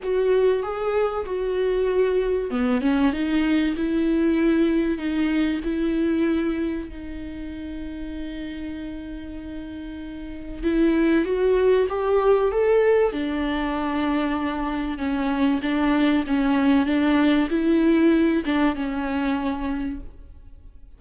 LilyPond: \new Staff \with { instrumentName = "viola" } { \time 4/4 \tempo 4 = 96 fis'4 gis'4 fis'2 | b8 cis'8 dis'4 e'2 | dis'4 e'2 dis'4~ | dis'1~ |
dis'4 e'4 fis'4 g'4 | a'4 d'2. | cis'4 d'4 cis'4 d'4 | e'4. d'8 cis'2 | }